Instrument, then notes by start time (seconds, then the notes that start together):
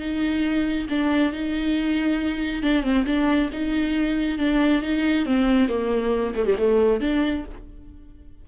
viola
0.00 D#4
0.90 D4
1.33 D#4
2.63 D4
2.83 C4
3.06 D4
3.53 D#4
4.38 D4
4.82 D#4
5.26 C4
5.69 A#3
6.35 A3
6.46 G3
6.58 A3
7.01 D4